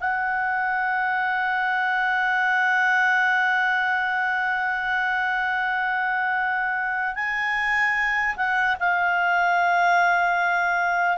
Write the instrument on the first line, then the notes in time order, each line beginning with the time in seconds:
clarinet
0.00 F#5
7.15 G#5
8.36 F#5
8.80 F5